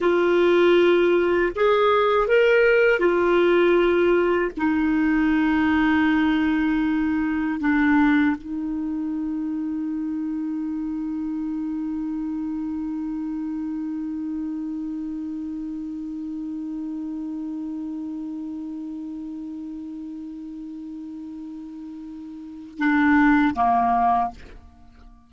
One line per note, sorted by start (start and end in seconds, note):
0.00 1.52 F4
1.55 2.27 G#4
2.27 2.99 A#4
2.99 4.51 F4
4.57 7.59 D#4
7.59 8.35 D4
8.37 22.78 D#4
22.78 23.54 D4
23.54 24.30 A#3